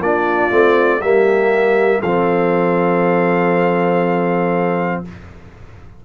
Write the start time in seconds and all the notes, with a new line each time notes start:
0.00 A#3 D4 F4 D5
0.51 A3 C4
1.01 G3 A#3 G4 E5
2.01 F3 C4 A4 F5